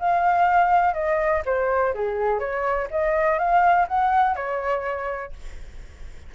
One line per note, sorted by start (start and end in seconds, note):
0.00 0.94 F5
0.94 1.43 D#5
1.46 1.94 C5
1.95 2.40 G#4
2.40 2.88 C#5
2.91 3.39 D#5
3.39 3.87 F5
3.88 4.36 F#5
4.36 5.33 C#5